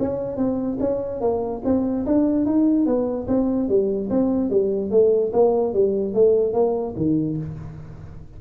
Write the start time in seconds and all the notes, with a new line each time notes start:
0.00 C#4
0.37 C4
0.80 C#4
1.21 A#3
1.65 C4
2.06 D4
2.46 D#4
2.86 B3
3.28 C4
3.69 G3
4.10 C4
4.50 G3
4.91 A3
5.33 A#3
5.74 G3
6.14 A3
6.53 A#3
6.97 D#3